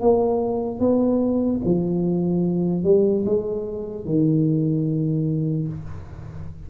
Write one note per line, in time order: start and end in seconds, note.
0.00 0.79 A#3
0.79 1.60 B3
1.64 2.83 F3
2.83 3.24 G3
3.25 4.05 G#3
4.05 5.67 D#3